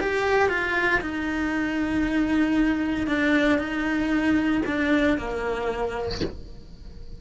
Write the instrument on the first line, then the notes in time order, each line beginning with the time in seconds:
cello
0.00 G4
0.49 F4
1.01 D#4
3.07 D4
3.58 D#4
4.66 D4
5.17 A#3